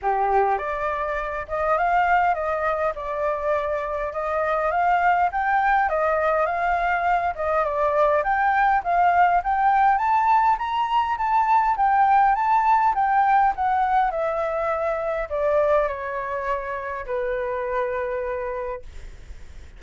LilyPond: \new Staff \with { instrumentName = "flute" } { \time 4/4 \tempo 4 = 102 g'4 d''4. dis''8 f''4 | dis''4 d''2 dis''4 | f''4 g''4 dis''4 f''4~ | f''8 dis''8 d''4 g''4 f''4 |
g''4 a''4 ais''4 a''4 | g''4 a''4 g''4 fis''4 | e''2 d''4 cis''4~ | cis''4 b'2. | }